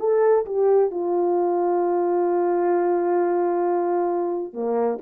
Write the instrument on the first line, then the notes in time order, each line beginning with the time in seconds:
horn
0.00 A4
0.46 G4
0.91 F4
4.53 A#3